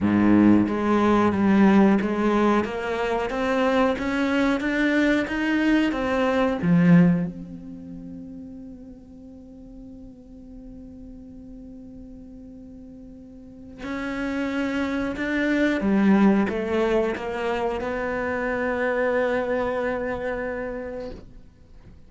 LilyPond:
\new Staff \with { instrumentName = "cello" } { \time 4/4 \tempo 4 = 91 gis,4 gis4 g4 gis4 | ais4 c'4 cis'4 d'4 | dis'4 c'4 f4 c'4~ | c'1~ |
c'1~ | c'4 cis'2 d'4 | g4 a4 ais4 b4~ | b1 | }